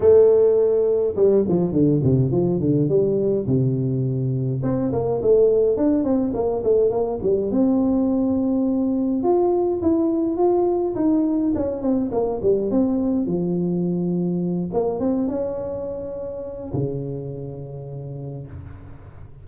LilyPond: \new Staff \with { instrumentName = "tuba" } { \time 4/4 \tempo 4 = 104 a2 g8 f8 d8 c8 | f8 d8 g4 c2 | c'8 ais8 a4 d'8 c'8 ais8 a8 | ais8 g8 c'2. |
f'4 e'4 f'4 dis'4 | cis'8 c'8 ais8 g8 c'4 f4~ | f4. ais8 c'8 cis'4.~ | cis'4 cis2. | }